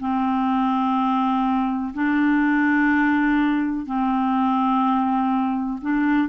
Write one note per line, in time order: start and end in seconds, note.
0.00 1.94 C4
1.94 3.86 D4
3.86 5.80 C4
5.82 6.29 D4